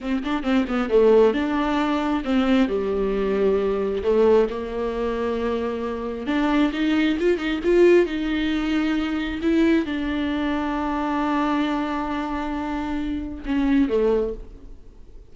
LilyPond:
\new Staff \with { instrumentName = "viola" } { \time 4/4 \tempo 4 = 134 c'8 d'8 c'8 b8 a4 d'4~ | d'4 c'4 g2~ | g4 a4 ais2~ | ais2 d'4 dis'4 |
f'8 dis'8 f'4 dis'2~ | dis'4 e'4 d'2~ | d'1~ | d'2 cis'4 a4 | }